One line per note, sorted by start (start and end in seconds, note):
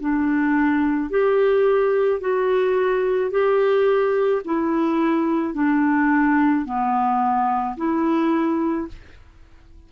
0.00 1.10 D4
1.10 2.21 G4
2.21 3.31 F#4
3.31 4.42 G4
4.45 5.54 E4
5.54 6.65 D4
6.65 7.76 B3
7.77 8.88 E4